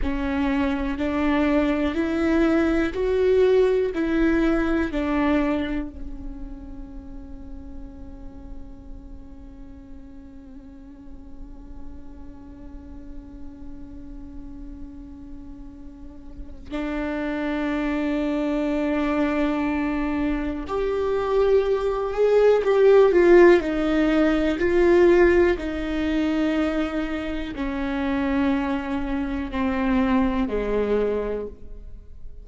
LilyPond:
\new Staff \with { instrumentName = "viola" } { \time 4/4 \tempo 4 = 61 cis'4 d'4 e'4 fis'4 | e'4 d'4 cis'2~ | cis'1~ | cis'1~ |
cis'4 d'2.~ | d'4 g'4. gis'8 g'8 f'8 | dis'4 f'4 dis'2 | cis'2 c'4 gis4 | }